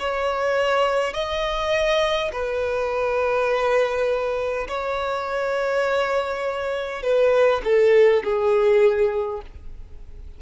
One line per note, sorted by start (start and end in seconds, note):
0.00 1.14 C#5
1.14 2.32 D#5
2.33 4.68 B4
4.68 7.03 C#5
7.03 7.62 B4
7.65 8.24 A4
8.24 9.42 G#4